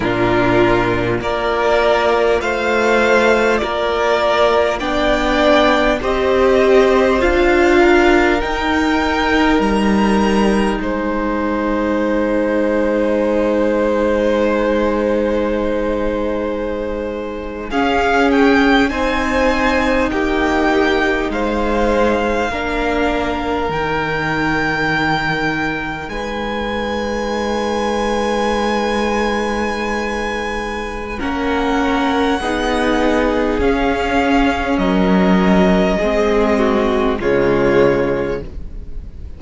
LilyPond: <<
  \new Staff \with { instrumentName = "violin" } { \time 4/4 \tempo 4 = 50 ais'4 d''4 f''4 d''4 | g''4 dis''4 f''4 g''4 | ais''4 gis''2.~ | gis''2~ gis''8. f''8 g''8 gis''16~ |
gis''8. g''4 f''2 g''16~ | g''4.~ g''16 gis''2~ gis''16~ | gis''2 fis''2 | f''4 dis''2 cis''4 | }
  \new Staff \with { instrumentName = "violin" } { \time 4/4 f'4 ais'4 c''4 ais'4 | d''4 c''4. ais'4.~ | ais'4 c''2.~ | c''2~ c''8. gis'4 c''16~ |
c''8. g'4 c''4 ais'4~ ais'16~ | ais'4.~ ais'16 b'2~ b'16~ | b'2 ais'4 gis'4~ | gis'4 ais'4 gis'8 fis'8 f'4 | }
  \new Staff \with { instrumentName = "viola" } { \time 4/4 d'4 f'2. | d'4 g'4 f'4 dis'4~ | dis'1~ | dis'2~ dis'8. cis'4 dis'16~ |
dis'2~ dis'8. d'4 dis'16~ | dis'1~ | dis'2 cis'4 dis'4 | cis'2 c'4 gis4 | }
  \new Staff \with { instrumentName = "cello" } { \time 4/4 ais,4 ais4 a4 ais4 | b4 c'4 d'4 dis'4 | g4 gis2.~ | gis2~ gis8. cis'4 c'16~ |
c'8. ais4 gis4 ais4 dis16~ | dis4.~ dis16 gis2~ gis16~ | gis2 ais4 b4 | cis'4 fis4 gis4 cis4 | }
>>